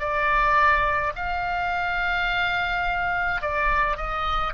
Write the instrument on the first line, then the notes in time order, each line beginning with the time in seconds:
oboe
0.00 D5
1.16 F5
3.42 D5
3.97 D#5